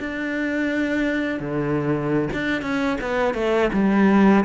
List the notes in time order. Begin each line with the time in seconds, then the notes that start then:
0.00 D4
1.40 D3
2.33 D4
2.62 C#4
3.01 B3
3.34 A3
3.73 G3